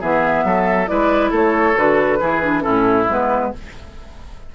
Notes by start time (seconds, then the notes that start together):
0.00 E3 B3 G#4 E5
0.44 F#3 A4
0.86 G#3 E4 B4 D5
1.30 A3 A4 C#5
1.75 D3 F#4 B4
2.20 E3 E4 G#4
2.42 D4
2.61 C#4 E4 A4
2.68 A2
3.09 G#3 B3 B4